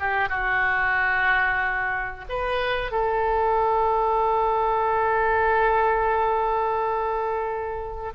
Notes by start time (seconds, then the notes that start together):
0.00 G4
0.29 F#4
2.29 B4
2.91 A4